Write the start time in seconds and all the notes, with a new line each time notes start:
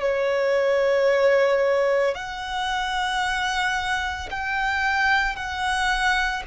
0.00 C#5
2.14 F#5
4.30 G5
5.35 F#5